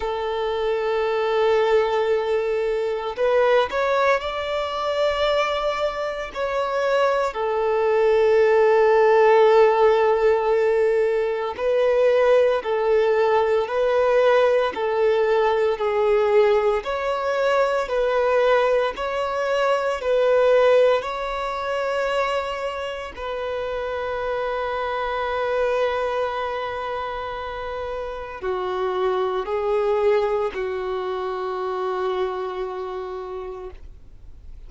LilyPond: \new Staff \with { instrumentName = "violin" } { \time 4/4 \tempo 4 = 57 a'2. b'8 cis''8 | d''2 cis''4 a'4~ | a'2. b'4 | a'4 b'4 a'4 gis'4 |
cis''4 b'4 cis''4 b'4 | cis''2 b'2~ | b'2. fis'4 | gis'4 fis'2. | }